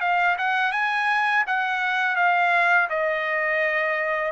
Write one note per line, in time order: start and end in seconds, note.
0.00 0.36 F5
0.38 0.72 F#5
0.72 1.44 G#5
1.47 2.16 F#5
2.16 2.88 F5
2.89 4.32 D#5